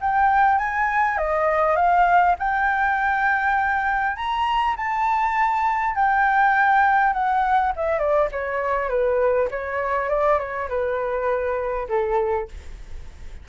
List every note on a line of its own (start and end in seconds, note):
0.00 0.58 G5
0.58 1.17 G#5
1.17 1.76 D#5
1.76 2.35 F5
2.39 4.16 G5
4.16 4.75 A#5
4.76 5.95 A5
5.95 7.13 G5
7.13 7.72 F#5
7.76 7.98 E5
7.98 8.28 D5
8.31 8.89 C#5
8.89 9.48 B4
9.50 10.09 C#5
10.09 10.38 D5
10.38 10.68 C#5
10.68 11.87 B4
11.88 12.48 A4